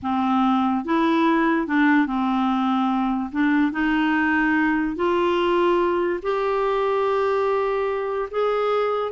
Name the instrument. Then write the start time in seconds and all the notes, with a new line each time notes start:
clarinet
0.02 C4
0.84 E4
1.67 D4
2.06 C4
3.32 D4
3.72 D#4
4.96 F4
6.22 G4
8.30 G#4